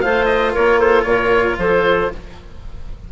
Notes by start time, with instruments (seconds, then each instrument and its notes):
0.00 bassoon A3, cello F4, clarinet C5, oboe F5
0.25 oboe D#5
0.52 bassoon A#3, clarinet A#4, oboe C#5
0.79 clarinet A4, oboe C5
1.03 bassoon A#2, clarinet A#4, oboe C#5
1.58 bassoon F3, clarinet A4, oboe C5